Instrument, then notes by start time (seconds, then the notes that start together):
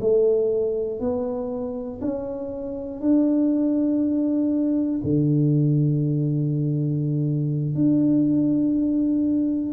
tuba
0.00 A3
1.00 B3
2.00 C#4
3.00 D4
5.03 D3
7.75 D4